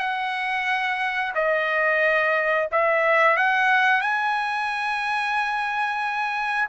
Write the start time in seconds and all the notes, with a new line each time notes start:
0.00 F#5
1.35 D#5
2.72 E5
3.37 F#5
4.02 G#5